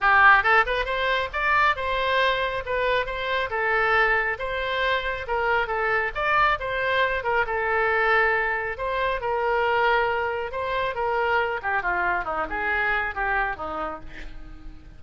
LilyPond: \new Staff \with { instrumentName = "oboe" } { \time 4/4 \tempo 4 = 137 g'4 a'8 b'8 c''4 d''4 | c''2 b'4 c''4 | a'2 c''2 | ais'4 a'4 d''4 c''4~ |
c''8 ais'8 a'2. | c''4 ais'2. | c''4 ais'4. g'8 f'4 | dis'8 gis'4. g'4 dis'4 | }